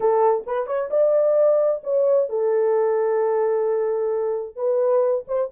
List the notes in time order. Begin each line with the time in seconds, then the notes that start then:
0.00 A4
0.46 B4
0.66 C#5
0.90 D5
1.83 C#5
2.29 A4
4.56 B4
5.27 C5